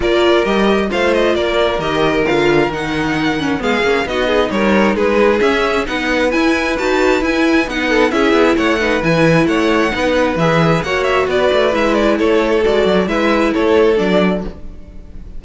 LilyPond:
<<
  \new Staff \with { instrumentName = "violin" } { \time 4/4 \tempo 4 = 133 d''4 dis''4 f''8 dis''8 d''4 | dis''4 f''4 fis''2 | f''4 dis''4 cis''4 b'4 | e''4 fis''4 gis''4 a''4 |
gis''4 fis''4 e''4 fis''4 | gis''4 fis''2 e''4 | fis''8 e''8 d''4 e''8 d''8 cis''4 | d''4 e''4 cis''4 d''4 | }
  \new Staff \with { instrumentName = "violin" } { \time 4/4 ais'2 c''4 ais'4~ | ais'1 | gis'4 fis'8 gis'8 ais'4 gis'4~ | gis'4 b'2.~ |
b'4. a'8 gis'4 cis''8 b'8~ | b'4 cis''4 b'2 | cis''4 b'2 a'4~ | a'4 b'4 a'2 | }
  \new Staff \with { instrumentName = "viola" } { \time 4/4 f'4 g'4 f'2 | g'4 f'4 dis'4. cis'8 | b8 cis'8 dis'2. | cis'4 dis'4 e'4 fis'4 |
e'4 dis'4 e'4. dis'8 | e'2 dis'4 gis'4 | fis'2 e'2 | fis'4 e'2 d'4 | }
  \new Staff \with { instrumentName = "cello" } { \time 4/4 ais4 g4 a4 ais4 | dis4 d4 dis2 | gis8 ais8 b4 g4 gis4 | cis'4 b4 e'4 dis'4 |
e'4 b4 cis'8 b8 a4 | e4 a4 b4 e4 | ais4 b8 a8 gis4 a4 | gis8 fis8 gis4 a4 fis4 | }
>>